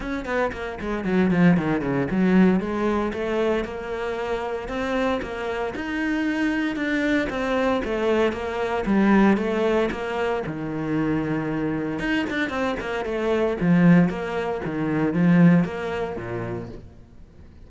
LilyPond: \new Staff \with { instrumentName = "cello" } { \time 4/4 \tempo 4 = 115 cis'8 b8 ais8 gis8 fis8 f8 dis8 cis8 | fis4 gis4 a4 ais4~ | ais4 c'4 ais4 dis'4~ | dis'4 d'4 c'4 a4 |
ais4 g4 a4 ais4 | dis2. dis'8 d'8 | c'8 ais8 a4 f4 ais4 | dis4 f4 ais4 ais,4 | }